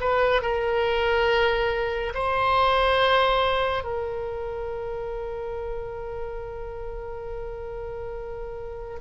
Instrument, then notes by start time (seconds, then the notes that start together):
oboe
0.00 B4
0.42 A#4
2.14 C5
3.84 A#4